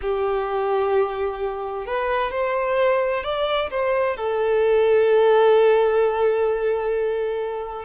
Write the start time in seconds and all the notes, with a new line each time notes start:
0.01 G4
1.86 B4
2.31 C5
3.23 D5
3.70 C5
4.16 A4